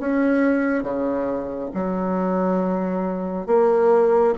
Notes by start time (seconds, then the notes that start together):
0.00 C#4
0.83 C#3
1.74 F#3
3.47 A#3